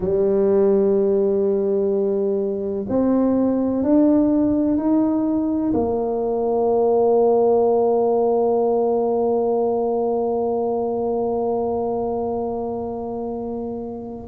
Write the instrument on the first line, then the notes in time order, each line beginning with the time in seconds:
tuba
0.00 G3
2.88 C4
3.83 D4
4.77 D#4
5.73 A#3